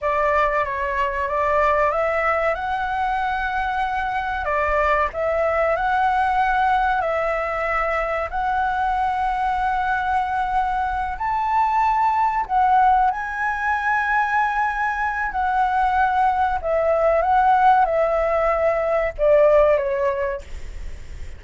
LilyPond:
\new Staff \with { instrumentName = "flute" } { \time 4/4 \tempo 4 = 94 d''4 cis''4 d''4 e''4 | fis''2. d''4 | e''4 fis''2 e''4~ | e''4 fis''2.~ |
fis''4. a''2 fis''8~ | fis''8 gis''2.~ gis''8 | fis''2 e''4 fis''4 | e''2 d''4 cis''4 | }